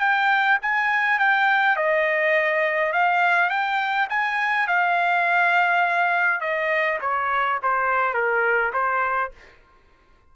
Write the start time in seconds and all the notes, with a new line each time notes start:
0.00 G5
0.62 G#5
1.19 G5
1.76 D#5
2.93 F5
3.50 G5
4.09 G#5
4.67 F5
6.41 D#5
7.01 C#5
7.63 C5
8.14 A#4
8.73 C5